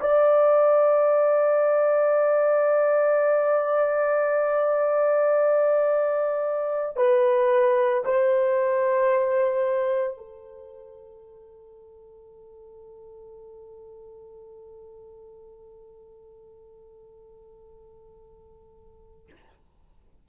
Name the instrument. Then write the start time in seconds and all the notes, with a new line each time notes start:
horn
0.00 D5
6.96 B4
8.04 C5
10.17 A4